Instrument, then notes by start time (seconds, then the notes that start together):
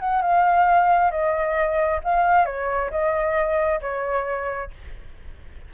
flute
0.00 F#5
0.22 F5
1.11 D#5
2.04 F5
2.45 C#5
2.91 D#5
3.81 C#5